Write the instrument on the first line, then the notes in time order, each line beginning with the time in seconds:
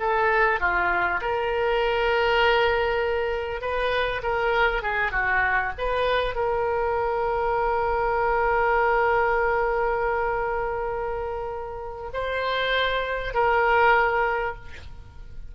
oboe
0.00 A4
0.60 F4
1.21 A#4
3.61 B4
4.23 A#4
4.82 G#4
5.12 F#4
5.78 B4
6.36 A#4
12.13 C5
13.34 A#4